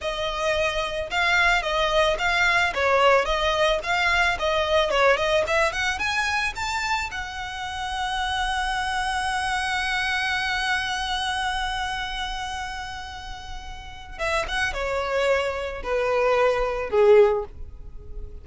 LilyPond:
\new Staff \with { instrumentName = "violin" } { \time 4/4 \tempo 4 = 110 dis''2 f''4 dis''4 | f''4 cis''4 dis''4 f''4 | dis''4 cis''8 dis''8 e''8 fis''8 gis''4 | a''4 fis''2.~ |
fis''1~ | fis''1~ | fis''2 e''8 fis''8 cis''4~ | cis''4 b'2 gis'4 | }